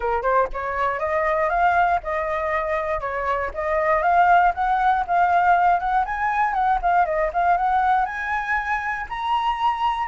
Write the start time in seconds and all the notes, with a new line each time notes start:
0.00 A#4
0.22 C5
0.53 C#5
0.99 D#5
1.49 F5
2.03 D#5
3.00 C#5
3.54 D#5
4.02 F5
4.54 F#5
5.07 F5
5.79 F#5
6.05 G#5
6.53 F#5
6.81 F5
7.05 D#5
7.33 F5
7.57 F#5
8.05 G#5
9.09 A#5